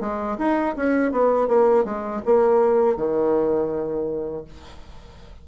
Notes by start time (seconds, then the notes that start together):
0.00 G#3
0.38 D#4
0.76 C#4
1.11 B3
1.47 A#3
1.84 G#3
2.25 A#3
2.96 D#3